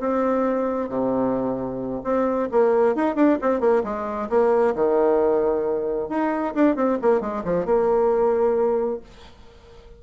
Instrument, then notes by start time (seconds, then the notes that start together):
bassoon
0.00 C4
0.89 C3
2.04 C4
2.52 A#3
2.96 D#4
3.16 D4
3.42 C4
3.60 A#3
3.84 G#3
4.30 A#3
4.76 D#3
6.09 D#4
6.55 D4
6.76 C4
7.02 A#3
7.21 G#3
7.45 F3
7.66 A#3